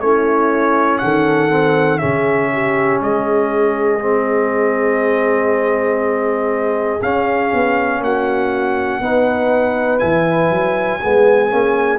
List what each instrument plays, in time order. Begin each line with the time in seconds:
0.00 tuba A3, trombone C#4, horn E4, trumpet C#5
0.99 tuba D#3, horn A4, trumpet F#5
1.50 trombone C4
1.99 tuba C#3, trombone C#4, horn G#4, trumpet E5
2.53 horn G4
3.02 tuba G#3, horn G#4, trumpet D#5
4.00 trombone C4
7.02 tuba C#4, trombone C#4, trumpet F5
7.54 tuba B3
8.00 tuba A#3, horn F#4, trumpet F#5
9.01 tuba B3, trombone D#4, horn B4
9.99 tuba E3, trombone E4, trumpet G#5
10.51 tuba F#3
11.01 tuba G#3, trombone B3, horn G#4
11.50 tuba A#3, trombone C#4